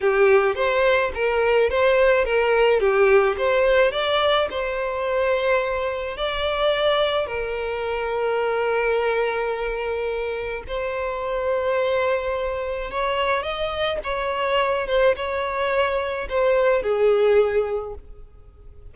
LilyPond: \new Staff \with { instrumentName = "violin" } { \time 4/4 \tempo 4 = 107 g'4 c''4 ais'4 c''4 | ais'4 g'4 c''4 d''4 | c''2. d''4~ | d''4 ais'2.~ |
ais'2. c''4~ | c''2. cis''4 | dis''4 cis''4. c''8 cis''4~ | cis''4 c''4 gis'2 | }